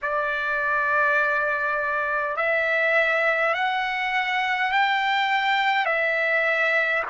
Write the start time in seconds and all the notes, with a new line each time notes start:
0.02 D5
2.36 E5
3.53 F#5
4.71 G5
5.85 E5